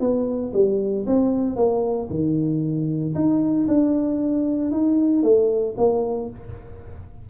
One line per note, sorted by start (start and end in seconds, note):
0.00 0.52 B3
0.54 1.06 G3
1.07 1.56 C4
1.56 2.08 A#3
2.10 3.15 D#3
3.15 3.67 D#4
3.68 4.71 D4
4.71 5.23 D#4
5.23 5.75 A3
5.77 6.30 A#3